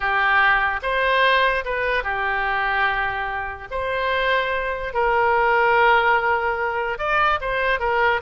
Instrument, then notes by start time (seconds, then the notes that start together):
oboe
0.00 G4
0.82 C5
1.64 B4
2.03 G4
3.71 C5
4.93 A#4
6.98 D5
7.40 C5
7.79 A#4